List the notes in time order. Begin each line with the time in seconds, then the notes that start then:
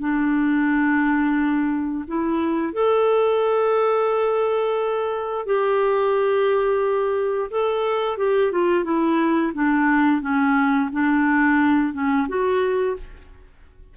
0.00 D4
2.08 E4
2.73 A4
5.46 G4
7.51 A4
8.18 G4
8.52 F4
8.85 E4
9.54 D4
10.22 C#4
10.93 D4
11.93 C#4
12.29 F#4